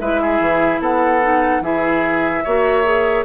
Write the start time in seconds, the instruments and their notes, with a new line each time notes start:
0.00 bassoon G#3, clarinet E4, oboe B4, flute E5
0.21 oboe G#4
0.40 bassoon E3
0.79 bassoon B3, oboe A4, flute F#5
1.22 clarinet D#4
1.61 bassoon E3, clarinet E4, oboe G#4, flute E5
2.44 bassoon A#3, clarinet F#4, oboe C#5
2.84 clarinet G#4